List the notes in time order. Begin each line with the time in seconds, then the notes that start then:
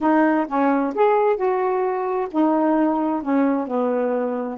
0.00 D#4
0.48 C#4
0.94 G#4
1.36 F#4
2.31 D#4
3.22 C#4
3.67 B3